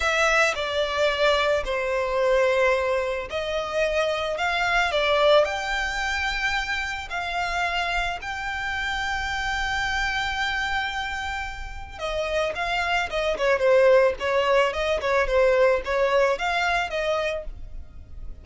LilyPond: \new Staff \with { instrumentName = "violin" } { \time 4/4 \tempo 4 = 110 e''4 d''2 c''4~ | c''2 dis''2 | f''4 d''4 g''2~ | g''4 f''2 g''4~ |
g''1~ | g''2 dis''4 f''4 | dis''8 cis''8 c''4 cis''4 dis''8 cis''8 | c''4 cis''4 f''4 dis''4 | }